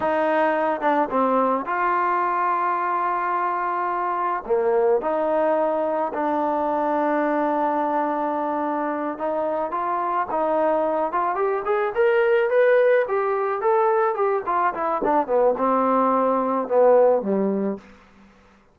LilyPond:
\new Staff \with { instrumentName = "trombone" } { \time 4/4 \tempo 4 = 108 dis'4. d'8 c'4 f'4~ | f'1 | ais4 dis'2 d'4~ | d'1~ |
d'8 dis'4 f'4 dis'4. | f'8 g'8 gis'8 ais'4 b'4 g'8~ | g'8 a'4 g'8 f'8 e'8 d'8 b8 | c'2 b4 g4 | }